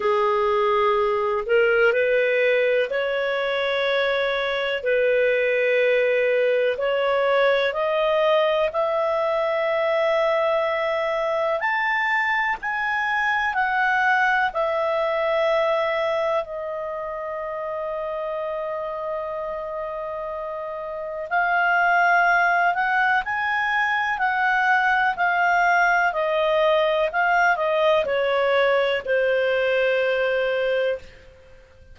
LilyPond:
\new Staff \with { instrumentName = "clarinet" } { \time 4/4 \tempo 4 = 62 gis'4. ais'8 b'4 cis''4~ | cis''4 b'2 cis''4 | dis''4 e''2. | a''4 gis''4 fis''4 e''4~ |
e''4 dis''2.~ | dis''2 f''4. fis''8 | gis''4 fis''4 f''4 dis''4 | f''8 dis''8 cis''4 c''2 | }